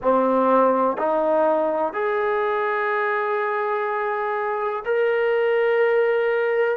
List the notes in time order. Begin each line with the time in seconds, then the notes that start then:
0.01 C4
0.97 D#4
1.93 G#4
4.85 A#4